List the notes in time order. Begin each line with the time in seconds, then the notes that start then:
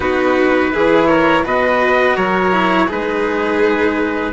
0.00 B3 D#4 F#4 B4
0.72 E3 E4 G#4
1.07 A#4 C#5
1.44 B2 F#4 B4 D#5
2.16 F#3 A#4 C#5
2.52 E4
2.86 G#3 D#4 G#4 B4